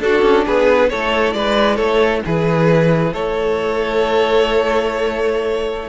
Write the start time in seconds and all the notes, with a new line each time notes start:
0.00 D4 F#4 A4
0.22 C#4
0.46 B3 G#4 B4
0.90 A3 E4 A4 C#5
1.34 G#3 B4 D5
1.76 A3 A4 C#5
2.25 E3 G#4 B4
3.13 A3 A4 C#5